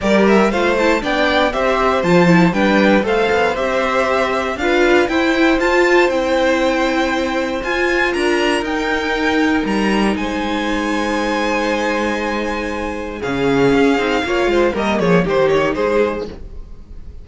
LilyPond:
<<
  \new Staff \with { instrumentName = "violin" } { \time 4/4 \tempo 4 = 118 d''8 e''8 f''8 a''8 g''4 e''4 | a''4 g''4 f''4 e''4~ | e''4 f''4 g''4 a''4 | g''2. gis''4 |
ais''4 g''2 ais''4 | gis''1~ | gis''2 f''2~ | f''4 dis''8 cis''8 c''8 cis''8 c''4 | }
  \new Staff \with { instrumentName = "violin" } { \time 4/4 ais'4 c''4 d''4 c''4~ | c''4 b'4 c''2~ | c''4 b'4 c''2~ | c''1 |
ais'1 | c''1~ | c''2 gis'2 | cis''8 c''8 ais'8 gis'8 g'4 gis'4 | }
  \new Staff \with { instrumentName = "viola" } { \time 4/4 g'4 f'8 e'8 d'4 g'4 | f'8 e'8 d'4 a'4 g'4~ | g'4 f'4 e'4 f'4 | e'2. f'4~ |
f'4 dis'2.~ | dis'1~ | dis'2 cis'4. dis'8 | f'4 ais4 dis'2 | }
  \new Staff \with { instrumentName = "cello" } { \time 4/4 g4 a4 b4 c'4 | f4 g4 a8 b8 c'4~ | c'4 d'4 e'4 f'4 | c'2. f'4 |
d'4 dis'2 g4 | gis1~ | gis2 cis4 cis'8 c'8 | ais8 gis8 g8 f8 dis4 gis4 | }
>>